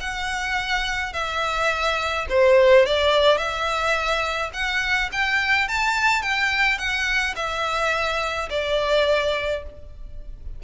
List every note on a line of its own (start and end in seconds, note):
0.00 1.13 F#5
1.13 2.26 E5
2.30 2.86 C5
2.86 3.37 D5
3.37 4.50 E5
4.53 5.10 F#5
5.12 5.68 G5
5.68 6.22 A5
6.22 6.78 G5
6.78 7.35 F#5
7.36 8.49 E5
8.50 9.63 D5